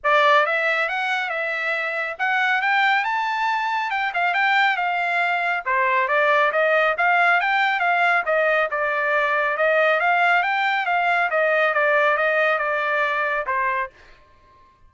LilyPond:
\new Staff \with { instrumentName = "trumpet" } { \time 4/4 \tempo 4 = 138 d''4 e''4 fis''4 e''4~ | e''4 fis''4 g''4 a''4~ | a''4 g''8 f''8 g''4 f''4~ | f''4 c''4 d''4 dis''4 |
f''4 g''4 f''4 dis''4 | d''2 dis''4 f''4 | g''4 f''4 dis''4 d''4 | dis''4 d''2 c''4 | }